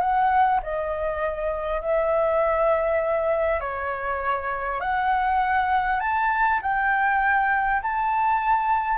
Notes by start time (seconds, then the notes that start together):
0.00 F#5
0.62 D#5
1.81 E5
3.60 C#5
4.80 F#5
6.00 A5
6.62 G5
7.82 A5